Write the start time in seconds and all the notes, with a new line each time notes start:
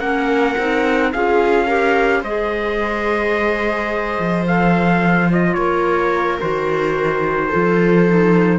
0.00 A#3 C#4 A#4 F#5
0.58 C4 D#4
1.12 C#4 F4 G#4 F5
1.67 G4 A#4
2.21 G#3 G#4 C5 D#5
4.19 F3
4.46 A4 F5
5.29 F4 D#5
5.54 A#3 A#4 C#5
6.40 D#3 F#4 C5
7.48 F4 A4
7.55 F3
8.08 D#4